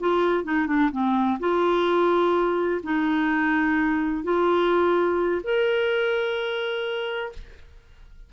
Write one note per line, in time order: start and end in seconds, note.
0.00 0.44 F4
0.44 0.67 D#4
0.67 0.90 D4
0.91 1.39 C4
1.39 2.81 F4
2.83 4.23 D#4
4.23 5.42 F4
5.44 7.32 A#4